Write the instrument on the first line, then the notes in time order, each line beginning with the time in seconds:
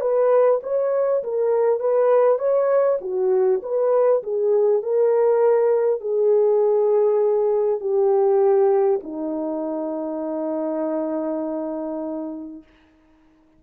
horn
0.00 B4
0.63 C#5
1.23 A#4
1.79 B4
2.38 C#5
3.01 F#4
3.62 B4
4.23 G#4
4.82 A#4
6.00 G#4
7.80 G4
9.03 D#4